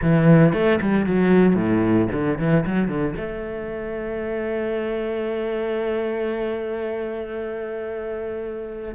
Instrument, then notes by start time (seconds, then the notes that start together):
cello
0.01 E3
0.53 A3
0.81 G3
1.06 F#3
1.55 A2
2.12 D3
2.38 E3
2.66 F#3
2.88 D3
3.16 A3